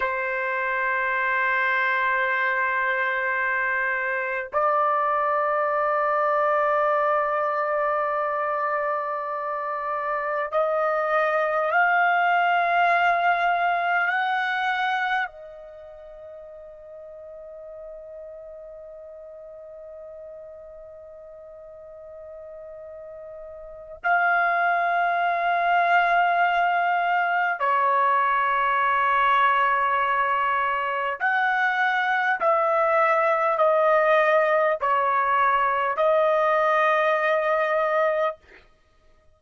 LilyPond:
\new Staff \with { instrumentName = "trumpet" } { \time 4/4 \tempo 4 = 50 c''2.~ c''8. d''16~ | d''1~ | d''8. dis''4 f''2 fis''16~ | fis''8. dis''2.~ dis''16~ |
dis''1 | f''2. cis''4~ | cis''2 fis''4 e''4 | dis''4 cis''4 dis''2 | }